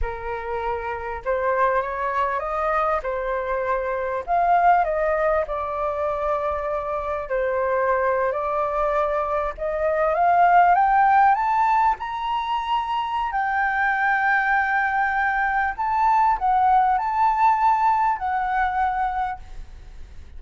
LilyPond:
\new Staff \with { instrumentName = "flute" } { \time 4/4 \tempo 4 = 99 ais'2 c''4 cis''4 | dis''4 c''2 f''4 | dis''4 d''2. | c''4.~ c''16 d''2 dis''16~ |
dis''8. f''4 g''4 a''4 ais''16~ | ais''2 g''2~ | g''2 a''4 fis''4 | a''2 fis''2 | }